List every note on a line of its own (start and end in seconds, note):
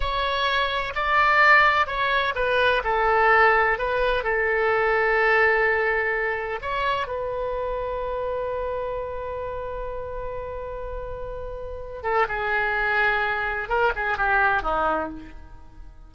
0.00 0.93 C#5
0.95 1.87 D5
1.87 2.34 C#5
2.35 2.82 B4
2.84 3.78 A4
3.78 4.23 B4
4.23 6.59 A4
6.61 7.07 C#5
7.07 12.02 B4
12.02 12.26 A4
12.28 13.68 G#4
13.68 13.92 A#4
13.95 14.17 G#4
14.17 14.62 G4
14.62 15.09 D#4